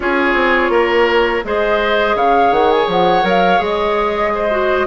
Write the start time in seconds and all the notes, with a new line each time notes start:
0.00 C#4 F4 G#4 C#5
0.34 C4
0.69 A#3 A#4
1.44 G#3 G#4 C5 D#5
2.15 C#3 C#5 F5
2.51 D#3 F#5
2.70 G#5
2.87 F3 F#5
3.23 F#3 A#4
3.29 F5
3.58 G#3 G#4 D#5
4.34 C5
4.50 F#4